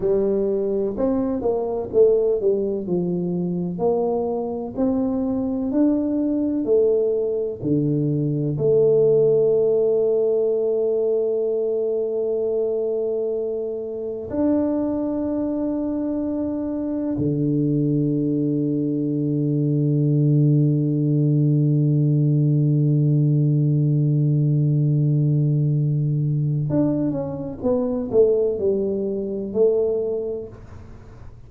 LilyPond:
\new Staff \with { instrumentName = "tuba" } { \time 4/4 \tempo 4 = 63 g4 c'8 ais8 a8 g8 f4 | ais4 c'4 d'4 a4 | d4 a2.~ | a2. d'4~ |
d'2 d2~ | d1~ | d1 | d'8 cis'8 b8 a8 g4 a4 | }